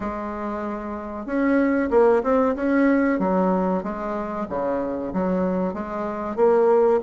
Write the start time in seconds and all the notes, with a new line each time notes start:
0.00 G#3
1.26 C#4
1.90 A#3
2.23 C4
2.55 C#4
3.19 F#3
3.83 G#3
4.49 C#3
5.13 F#3
5.73 G#3
6.36 A#3